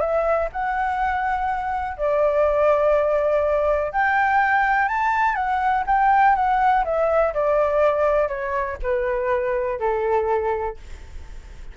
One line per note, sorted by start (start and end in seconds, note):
0.00 0.49 E5
0.52 1.97 F#5
1.97 3.92 D5
3.92 4.88 G5
4.88 5.35 A5
5.35 5.84 F#5
5.86 6.35 G5
6.35 6.84 F#5
6.84 7.33 E5
7.34 8.28 D5
8.28 8.77 C#5
8.82 9.79 B4
9.79 10.77 A4